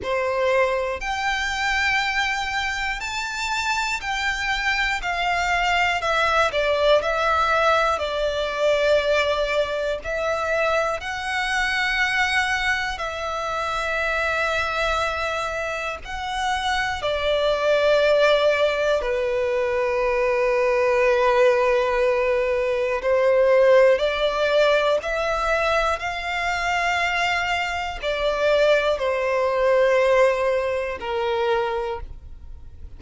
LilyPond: \new Staff \with { instrumentName = "violin" } { \time 4/4 \tempo 4 = 60 c''4 g''2 a''4 | g''4 f''4 e''8 d''8 e''4 | d''2 e''4 fis''4~ | fis''4 e''2. |
fis''4 d''2 b'4~ | b'2. c''4 | d''4 e''4 f''2 | d''4 c''2 ais'4 | }